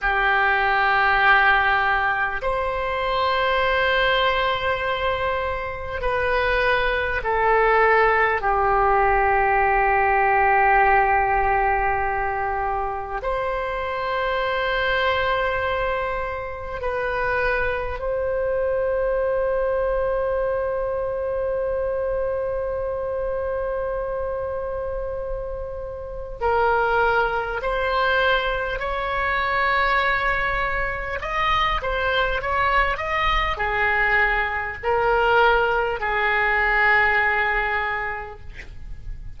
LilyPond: \new Staff \with { instrumentName = "oboe" } { \time 4/4 \tempo 4 = 50 g'2 c''2~ | c''4 b'4 a'4 g'4~ | g'2. c''4~ | c''2 b'4 c''4~ |
c''1~ | c''2 ais'4 c''4 | cis''2 dis''8 c''8 cis''8 dis''8 | gis'4 ais'4 gis'2 | }